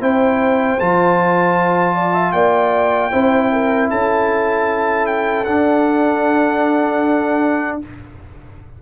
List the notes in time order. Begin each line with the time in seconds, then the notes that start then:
0.00 C4 E4 C5 G5
0.79 F3 F4 A5
1.94 D5
2.13 E5
2.32 A#3 D5 G5
3.11 C4 E4 C5
3.52 A#4
3.90 C#4 A4 A5
5.06 G5
5.44 D4 F#5